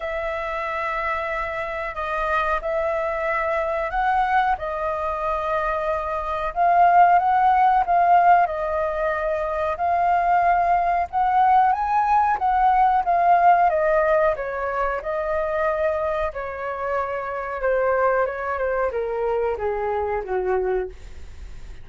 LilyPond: \new Staff \with { instrumentName = "flute" } { \time 4/4 \tempo 4 = 92 e''2. dis''4 | e''2 fis''4 dis''4~ | dis''2 f''4 fis''4 | f''4 dis''2 f''4~ |
f''4 fis''4 gis''4 fis''4 | f''4 dis''4 cis''4 dis''4~ | dis''4 cis''2 c''4 | cis''8 c''8 ais'4 gis'4 fis'4 | }